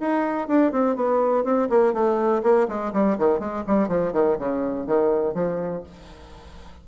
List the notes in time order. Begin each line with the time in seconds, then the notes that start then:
0.00 D#4
0.47 D4
0.71 C4
0.95 B3
1.44 C4
1.69 A#3
1.93 A3
2.43 A#3
2.68 G#3
2.93 G3
3.18 D#3
3.39 G#3
3.67 G3
3.88 F3
4.12 D#3
4.38 C#3
4.86 D#3
5.34 F3